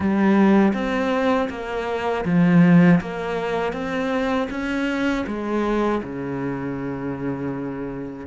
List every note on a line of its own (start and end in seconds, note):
0.00 0.73 G3
0.73 1.48 C4
1.49 2.24 A#3
2.25 3.00 F3
3.00 3.73 A#3
3.73 4.48 C4
4.50 5.25 C#4
5.26 6.01 G#3
6.03 8.26 C#3